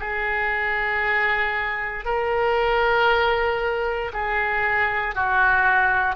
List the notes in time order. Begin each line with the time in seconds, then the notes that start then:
0.00 G#4
2.05 A#4
4.13 G#4
5.15 F#4